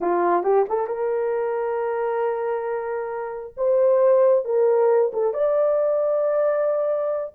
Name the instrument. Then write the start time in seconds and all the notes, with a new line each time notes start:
horn
0.01 F4
0.43 G4
0.69 A4
0.86 A#4
3.56 C5
4.44 A#4
5.13 A4
5.33 D5